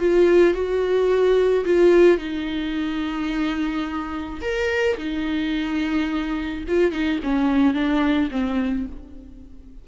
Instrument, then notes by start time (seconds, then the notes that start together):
viola
0.00 F4
0.54 F#4
1.66 F4
2.18 D#4
4.42 A#4
4.98 D#4
6.68 F4
6.92 D#4
7.24 C#4
7.74 D4
8.31 C4